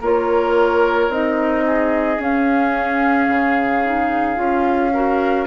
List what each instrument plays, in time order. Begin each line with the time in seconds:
0.00 bassoon A#3, clarinet F4, oboe A#4, flute C#5
1.08 bassoon C4, clarinet D#4, flute D#5
1.65 oboe G#4
2.18 clarinet C#4, bassoon C#4, flute F5
3.28 bassoon C#3
3.84 clarinet D#4
4.35 bassoon C#4, clarinet F4
4.93 clarinet F#4, oboe A#4